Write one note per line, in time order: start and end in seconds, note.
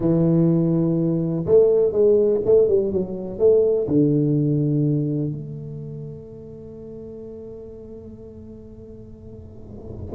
0.00 1.45 E3
1.46 1.92 A3
1.92 2.40 G#3
2.45 2.68 A3
2.68 2.92 G3
2.92 3.38 F#3
3.38 3.87 A3
3.87 5.32 D3
5.32 10.14 A3